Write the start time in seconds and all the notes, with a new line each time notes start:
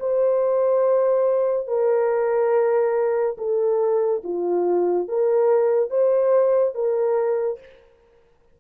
0.00 C5
1.68 A#4
3.38 A4
4.24 F4
5.09 A#4
5.90 C5
6.75 A#4